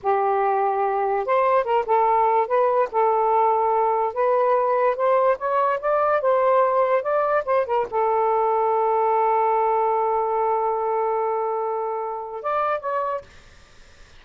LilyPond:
\new Staff \with { instrumentName = "saxophone" } { \time 4/4 \tempo 4 = 145 g'2. c''4 | ais'8 a'4. b'4 a'4~ | a'2 b'2 | c''4 cis''4 d''4 c''4~ |
c''4 d''4 c''8 ais'8 a'4~ | a'1~ | a'1~ | a'2 d''4 cis''4 | }